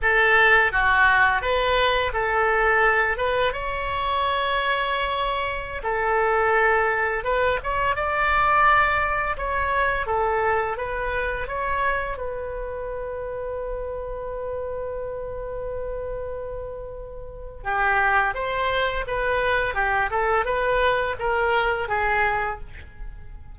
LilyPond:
\new Staff \with { instrumentName = "oboe" } { \time 4/4 \tempo 4 = 85 a'4 fis'4 b'4 a'4~ | a'8 b'8 cis''2.~ | cis''16 a'2 b'8 cis''8 d''8.~ | d''4~ d''16 cis''4 a'4 b'8.~ |
b'16 cis''4 b'2~ b'8.~ | b'1~ | b'4 g'4 c''4 b'4 | g'8 a'8 b'4 ais'4 gis'4 | }